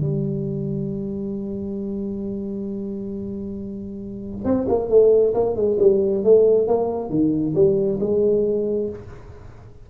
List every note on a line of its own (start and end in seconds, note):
0.00 4.44 G3
4.44 4.67 C4
4.68 4.89 A#3
4.89 5.34 A3
5.34 5.56 A#3
5.56 5.78 G#3
5.79 6.24 G3
6.24 6.67 A3
6.67 7.10 A#3
7.10 7.54 D#3
7.55 7.99 G3
8.00 8.89 G#3